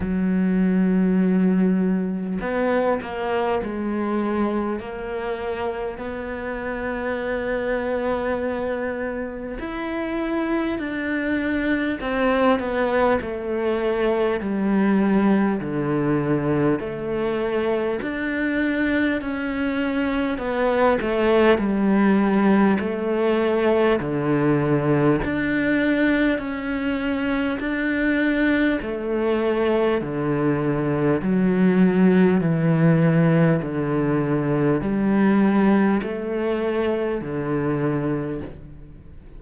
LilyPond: \new Staff \with { instrumentName = "cello" } { \time 4/4 \tempo 4 = 50 fis2 b8 ais8 gis4 | ais4 b2. | e'4 d'4 c'8 b8 a4 | g4 d4 a4 d'4 |
cis'4 b8 a8 g4 a4 | d4 d'4 cis'4 d'4 | a4 d4 fis4 e4 | d4 g4 a4 d4 | }